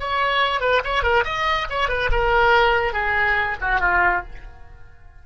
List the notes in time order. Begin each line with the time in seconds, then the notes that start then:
0.00 C#5
0.61 B4
0.84 C#5
1.03 A#4
1.25 D#5
1.70 C#5
1.89 B4
2.12 A#4
2.93 G#4
3.61 F#4
3.80 F4